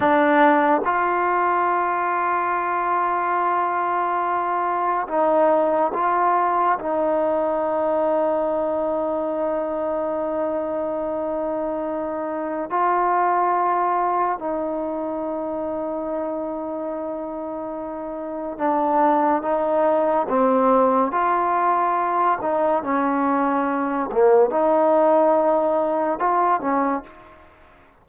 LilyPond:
\new Staff \with { instrumentName = "trombone" } { \time 4/4 \tempo 4 = 71 d'4 f'2.~ | f'2 dis'4 f'4 | dis'1~ | dis'2. f'4~ |
f'4 dis'2.~ | dis'2 d'4 dis'4 | c'4 f'4. dis'8 cis'4~ | cis'8 ais8 dis'2 f'8 cis'8 | }